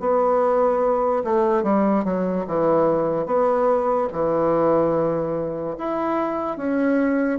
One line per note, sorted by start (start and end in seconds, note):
0.00 1.23 B3
1.24 1.63 A3
1.63 2.04 G3
2.05 2.46 F#3
2.47 3.26 E3
3.26 4.08 B3
4.12 5.77 E3
5.78 6.57 E4
6.57 7.39 C#4